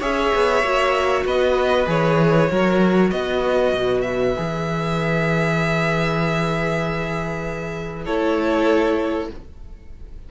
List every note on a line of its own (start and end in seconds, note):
0.00 0.33 C#4
0.00 0.63 G#4
0.00 1.24 C#5
0.00 1.26 E5
0.35 0.63 B3
0.63 1.25 A#3
0.63 1.87 F#4
1.25 1.87 B3
1.25 2.51 B4
1.25 1.89 D#5
1.87 2.50 E3
1.87 2.48 G#4
1.87 3.11 C#5
2.50 3.12 F#3
2.50 4.35 F#4
2.50 3.13 A#4
3.11 3.74 B3
3.11 8.05 B4
3.11 4.02 D#5
3.74 4.36 B2
4.02 8.04 E5
4.36 8.07 E3
4.36 8.07 G#4
8.05 9.31 A3
8.05 9.31 E4
8.05 9.29 A4
8.05 9.30 C#5